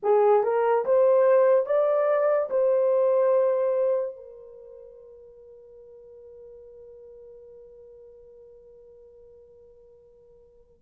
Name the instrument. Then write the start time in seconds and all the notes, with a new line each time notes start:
horn
0.02 G#4
0.43 A#4
0.85 C5
1.66 D5
2.50 C5
4.16 A#4